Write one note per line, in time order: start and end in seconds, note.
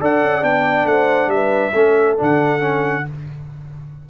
0.00 0.22 D4
0.00 0.42 A4
0.00 0.87 D5
0.00 0.44 F#5
0.22 0.43 C#4
0.42 0.85 B3
0.42 1.72 D4
0.42 0.87 G5
0.85 1.27 A3
0.85 1.33 C5
0.85 1.30 F#5
1.27 1.70 G3
1.27 2.17 E5
1.34 1.73 B4
1.73 2.17 A3
1.73 2.17 C#4
1.73 3.03 A4
2.17 3.08 D3
2.17 2.60 D4
2.17 3.10 F#5
2.60 3.03 C#4